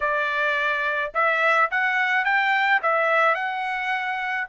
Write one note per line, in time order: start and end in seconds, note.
0.00 1.12 D5
1.14 1.70 E5
1.70 2.24 F#5
2.24 2.80 G5
2.82 3.35 E5
3.35 4.47 F#5